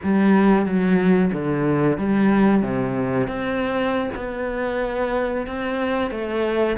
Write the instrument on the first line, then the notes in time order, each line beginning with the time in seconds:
cello
0.03 G3
0.65 F#3
1.32 D3
1.98 G3
2.62 C3
3.27 C4
4.15 B3
5.46 C4
6.10 A3